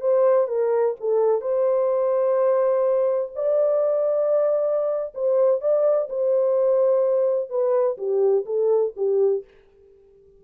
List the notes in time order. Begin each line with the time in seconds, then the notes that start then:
0.00 C5
0.47 A#4
1.00 A4
1.41 C5
3.35 D5
5.14 C5
5.61 D5
6.09 C5
7.49 B4
7.97 G4
8.45 A4
8.96 G4